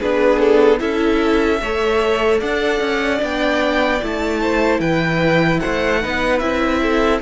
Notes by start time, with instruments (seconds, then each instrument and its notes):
0.00 cello B3, viola D4, violin G#4 B4
0.39 violin A4
0.79 cello C#4, viola E4, violin A4 E5
1.61 cello A3, viola A4, violin C#5
2.40 cello D4, violin D5 F#5
2.81 cello C#4
3.18 cello B3, viola D4, violin G5
4.02 cello A3, viola E4, violin A5
4.41 violin C5
4.79 cello E3, violin B4 G5
5.60 cello A3, violin C5 F#5
6.01 cello B3, viola D#4, violin B4
6.39 cello C4, viola E4, violin E5
6.82 violin A4